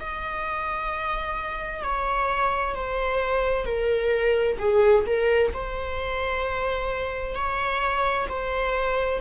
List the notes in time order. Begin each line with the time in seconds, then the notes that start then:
0.00 D#5
1.84 C#5
2.75 C5
3.65 A#4
4.59 G#4
5.06 A#4
5.54 C5
7.35 C#5
8.29 C5